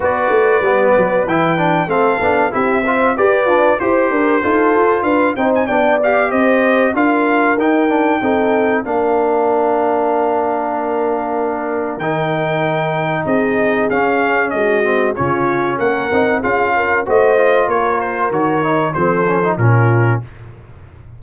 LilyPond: <<
  \new Staff \with { instrumentName = "trumpet" } { \time 4/4 \tempo 4 = 95 d''2 g''4 f''4 | e''4 d''4 c''2 | f''8 g''16 gis''16 g''8 f''8 dis''4 f''4 | g''2 f''2~ |
f''2. g''4~ | g''4 dis''4 f''4 dis''4 | cis''4 fis''4 f''4 dis''4 | cis''8 c''8 cis''4 c''4 ais'4 | }
  \new Staff \with { instrumentName = "horn" } { \time 4/4 b'2. a'4 | g'8 c''8 b'4 c''8 ais'8 a'4 | b'8 c''8 d''4 c''4 ais'4~ | ais'4 a'4 ais'2~ |
ais'1~ | ais'4 gis'2 fis'4 | f'4 ais'4 gis'8 ais'8 c''4 | ais'2 a'4 f'4 | }
  \new Staff \with { instrumentName = "trombone" } { \time 4/4 fis'4 b4 e'8 d'8 c'8 d'8 | e'8 f'8 g'8 d'8 g'4 f'4~ | f'8 dis'8 d'8 g'4. f'4 | dis'8 d'8 dis'4 d'2~ |
d'2. dis'4~ | dis'2 cis'4. c'8 | cis'4. dis'8 f'4 fis'8 f'8~ | f'4 fis'8 dis'8 c'8 cis'16 dis'16 cis'4 | }
  \new Staff \with { instrumentName = "tuba" } { \time 4/4 b8 a8 g8 fis8 e4 a8 b8 | c'4 g'8 f'8 e'8 d'8 dis'8 f'8 | d'8 c'8 b4 c'4 d'4 | dis'4 c'4 ais2~ |
ais2. dis4~ | dis4 c'4 cis'4 gis4 | cis4 ais8 c'8 cis'4 a4 | ais4 dis4 f4 ais,4 | }
>>